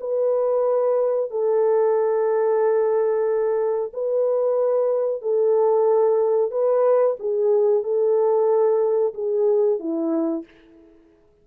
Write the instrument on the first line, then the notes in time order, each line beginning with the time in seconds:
horn
0.00 B4
1.30 A4
3.93 B4
5.22 A4
6.51 B4
7.19 G#4
7.83 A4
9.14 G#4
9.79 E4